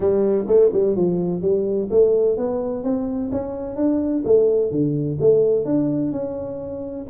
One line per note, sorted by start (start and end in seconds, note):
0.00 0.45 G3
0.47 0.70 A3
0.72 0.96 G3
0.96 1.41 F3
1.41 1.88 G3
1.90 2.37 A3
2.37 2.83 B3
2.83 3.30 C4
3.31 3.76 C#4
3.76 4.23 D4
4.24 4.71 A3
4.71 5.18 D3
5.20 5.65 A3
5.65 6.11 D4
6.11 7.06 C#4